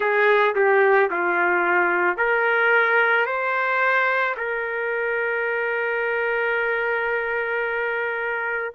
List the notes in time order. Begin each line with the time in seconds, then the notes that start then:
0.00 G#4
0.55 G4
1.10 F4
2.17 A#4
3.26 C5
4.36 A#4